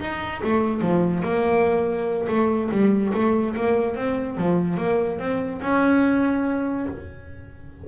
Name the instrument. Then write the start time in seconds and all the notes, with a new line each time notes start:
double bass
0.00 D#4
0.43 A3
0.81 F3
1.23 A#3
2.28 A3
2.71 G3
3.14 A3
3.56 A#3
3.95 C4
4.37 F3
4.77 A#3
5.19 C4
5.62 C#4